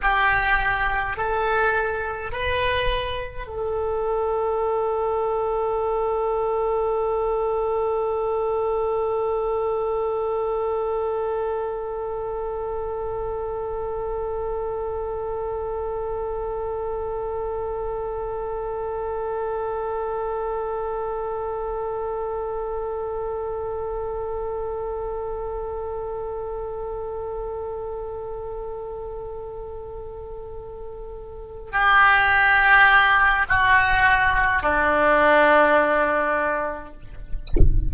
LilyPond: \new Staff \with { instrumentName = "oboe" } { \time 4/4 \tempo 4 = 52 g'4 a'4 b'4 a'4~ | a'1~ | a'1~ | a'1~ |
a'1~ | a'1~ | a'2.~ a'8 g'8~ | g'4 fis'4 d'2 | }